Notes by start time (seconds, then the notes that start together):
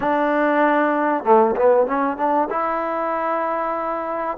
0.00 D4
1.24 A3
1.56 B3
1.86 C#4
2.17 D4
2.50 E4